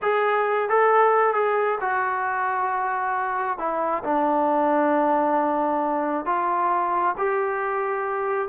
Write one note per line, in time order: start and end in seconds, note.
0.01 0.69 G#4
0.69 1.34 A4
1.34 1.78 G#4
1.81 3.58 F#4
3.58 4.03 E4
4.03 6.25 D4
6.25 7.15 F4
7.17 8.48 G4